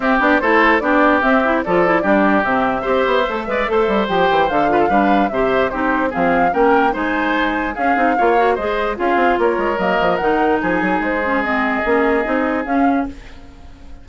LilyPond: <<
  \new Staff \with { instrumentName = "flute" } { \time 4/4 \tempo 4 = 147 e''8 d''8 c''4 d''4 e''4 | d''2 e''2~ | e''2 g''4 f''4~ | f''4 e''4 c''4 f''4 |
g''4 gis''2 f''4~ | f''4 dis''4 f''4 cis''4 | dis''4 fis''4 gis''4 c''4 | dis''2. f''4 | }
  \new Staff \with { instrumentName = "oboe" } { \time 4/4 g'4 a'4 g'2 | a'4 g'2 c''4~ | c''8 d''8 c''2~ c''8 b'16 a'16 | b'4 c''4 g'4 gis'4 |
ais'4 c''2 gis'4 | cis''4 c''4 gis'4 ais'4~ | ais'2 gis'2~ | gis'1 | }
  \new Staff \with { instrumentName = "clarinet" } { \time 4/4 c'8 d'8 e'4 d'4 c'8 e'8 | f'8 e'8 d'4 c'4 g'4 | a'8 b'8 a'4 g'4 a'8 f'8 | d'4 g'4 dis'4 c'4 |
cis'4 dis'2 cis'8 dis'8 | f'8 fis'8 gis'4 f'2 | ais4 dis'2~ dis'8 cis'8 | c'4 cis'4 dis'4 cis'4 | }
  \new Staff \with { instrumentName = "bassoon" } { \time 4/4 c'8 b8 a4 b4 c'4 | f4 g4 c4 c'8 b8 | a8 gis8 a8 g8 f8 e8 d4 | g4 c4 c'4 f4 |
ais4 gis2 cis'8 c'8 | ais4 gis4 cis'8 c'8 ais8 gis8 | fis8 f8 dis4 f8 fis8 gis4~ | gis4 ais4 c'4 cis'4 | }
>>